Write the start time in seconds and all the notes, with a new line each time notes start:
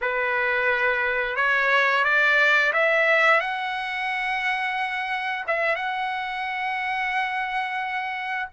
0.01 B4
1.36 C#5
2.04 D5
2.72 E5
3.40 F#5
5.47 E5
5.75 F#5